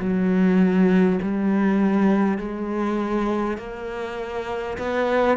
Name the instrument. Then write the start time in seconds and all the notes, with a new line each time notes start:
cello
0.00 F#3
1.22 G3
2.39 G#3
3.58 A#3
4.79 B3